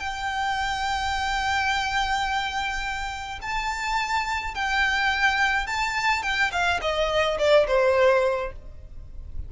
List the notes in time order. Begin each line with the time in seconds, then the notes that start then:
0.00 G5
3.42 A5
4.55 G5
5.67 A5
6.23 G5
6.52 F5
6.81 D#5
7.39 D5
7.67 C5